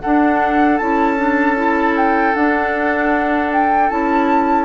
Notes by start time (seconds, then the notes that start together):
0.00 D4 A4 F#5
0.78 C#4 E4 A5
1.17 D4
1.56 E4
1.96 G5
2.35 D4 F#5
3.52 G5
3.89 C#4 E4 A5